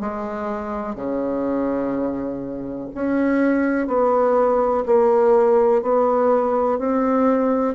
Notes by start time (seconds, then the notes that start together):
0.00 G#3
0.95 C#3
2.94 C#4
3.88 B3
4.86 A#3
5.82 B3
6.79 C4